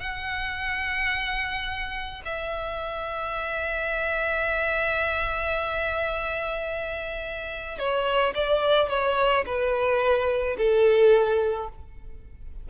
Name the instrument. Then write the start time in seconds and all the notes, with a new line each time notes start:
violin
0.00 F#5
2.25 E5
7.79 C#5
8.35 D5
8.89 C#5
9.46 B4
10.58 A4